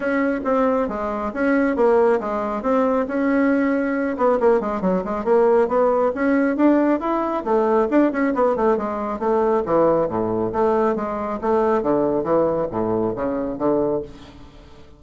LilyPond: \new Staff \with { instrumentName = "bassoon" } { \time 4/4 \tempo 4 = 137 cis'4 c'4 gis4 cis'4 | ais4 gis4 c'4 cis'4~ | cis'4. b8 ais8 gis8 fis8 gis8 | ais4 b4 cis'4 d'4 |
e'4 a4 d'8 cis'8 b8 a8 | gis4 a4 e4 a,4 | a4 gis4 a4 d4 | e4 a,4 cis4 d4 | }